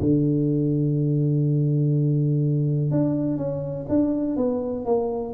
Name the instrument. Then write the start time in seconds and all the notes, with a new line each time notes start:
tuba
0.00 D3
2.91 D4
3.37 C#4
3.89 D4
4.37 B3
4.85 A#3